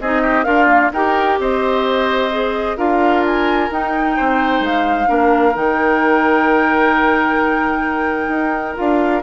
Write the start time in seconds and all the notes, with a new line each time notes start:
0.00 C4 D#4 G#4 D#5
0.22 G4
0.43 D4 F4 A#4 F5
0.67 A#3
0.92 D#4 G4 A#4 G5
1.38 C4 C5 D#5
2.31 G#4
2.77 D4 F4 A#4 F5
3.25 G#5
3.71 D#4 G5
4.16 C4 C5
4.60 G#3 F5
5.06 A#3 D4 A#4
5.54 D#3 D#4 G5
8.28 D#4
8.75 D4 F4 F5